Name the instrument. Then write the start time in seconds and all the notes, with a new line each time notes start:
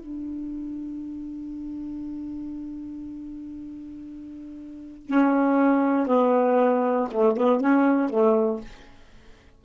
saxophone
0.00 D4
5.07 C#4
6.07 B3
7.12 A3
7.37 B3
7.61 C#4
8.10 A3